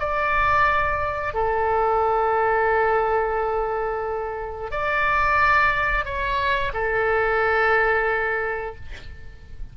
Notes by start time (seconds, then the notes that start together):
0.00 D5
1.34 A4
4.71 D5
6.05 C#5
6.74 A4